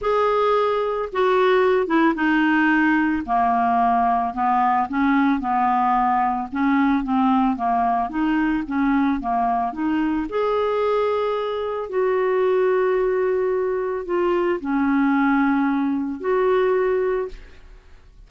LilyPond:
\new Staff \with { instrumentName = "clarinet" } { \time 4/4 \tempo 4 = 111 gis'2 fis'4. e'8 | dis'2 ais2 | b4 cis'4 b2 | cis'4 c'4 ais4 dis'4 |
cis'4 ais4 dis'4 gis'4~ | gis'2 fis'2~ | fis'2 f'4 cis'4~ | cis'2 fis'2 | }